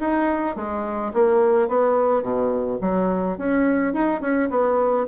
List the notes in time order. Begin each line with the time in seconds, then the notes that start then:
0.00 D#4
0.56 G#3
1.13 A#3
1.68 B3
2.23 B2
2.81 F#3
3.38 C#4
3.94 D#4
4.21 C#4
4.50 B3